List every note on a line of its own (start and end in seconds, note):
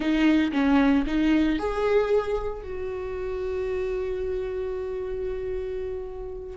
0.00 0.51 D#4
0.52 1.05 C#4
1.06 1.58 D#4
1.58 2.62 G#4
2.62 6.56 F#4